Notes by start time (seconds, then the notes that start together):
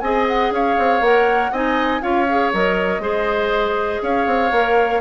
0.00 C4 G#4 D#5 G#5
0.27 F#5
0.51 C#4 C#5 F5
0.78 C4
1.01 A#3 A#4 F#5
1.51 C4 D#4 D#5 G#5
2.01 C#4 F4 C#5 F5
2.29 G#4
2.53 F#3 A#4 D#5
2.99 G#3 G#4 C5
4.02 C#4 C#5 F5
4.26 C4
4.51 A#3 A#4